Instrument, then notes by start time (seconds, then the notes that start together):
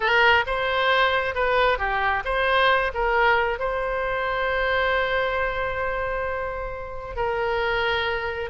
oboe
0.00 A#4
0.46 C5
1.35 B4
1.78 G4
2.24 C5
2.93 A#4
3.59 C5
7.16 A#4